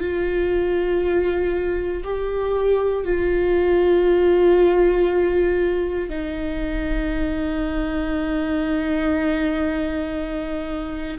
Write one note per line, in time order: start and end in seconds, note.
0.00 2.03 F4
2.03 3.05 G4
3.05 6.10 F4
6.10 11.18 D#4